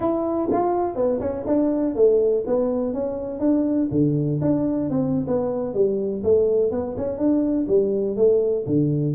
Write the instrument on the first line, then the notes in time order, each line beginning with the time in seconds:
tuba
0.00 E4
0.51 F4
0.95 B3
1.20 C#4
1.46 D4
1.95 A3
2.46 B3
2.93 C#4
3.39 D4
3.91 D3
4.41 D4
4.89 C4
5.27 B3
5.74 G3
6.23 A3
6.71 B3
6.97 C#4
7.18 D4
7.67 G3
8.16 A3
8.66 D3